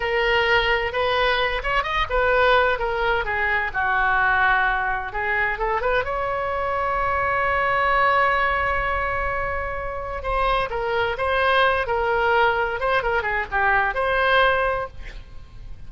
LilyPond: \new Staff \with { instrumentName = "oboe" } { \time 4/4 \tempo 4 = 129 ais'2 b'4. cis''8 | dis''8 b'4. ais'4 gis'4 | fis'2. gis'4 | a'8 b'8 cis''2.~ |
cis''1~ | cis''2 c''4 ais'4 | c''4. ais'2 c''8 | ais'8 gis'8 g'4 c''2 | }